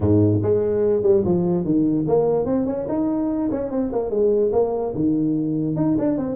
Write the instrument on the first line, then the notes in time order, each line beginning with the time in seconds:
tuba
0.00 G#2
0.42 G#3
1.03 G3
1.24 F3
1.64 D#3
2.07 A#3
2.45 C4
2.66 C#4
2.88 D#4
3.51 C#4
3.70 C4
3.92 A#3
4.10 G#3
4.52 A#3
4.94 D#3
5.76 D#4
5.98 D4
6.17 C4